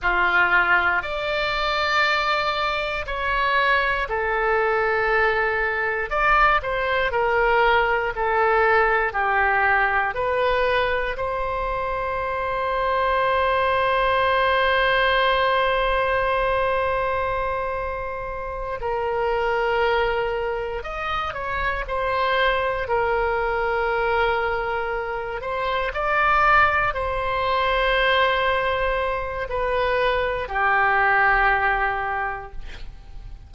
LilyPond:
\new Staff \with { instrumentName = "oboe" } { \time 4/4 \tempo 4 = 59 f'4 d''2 cis''4 | a'2 d''8 c''8 ais'4 | a'4 g'4 b'4 c''4~ | c''1~ |
c''2~ c''8 ais'4.~ | ais'8 dis''8 cis''8 c''4 ais'4.~ | ais'4 c''8 d''4 c''4.~ | c''4 b'4 g'2 | }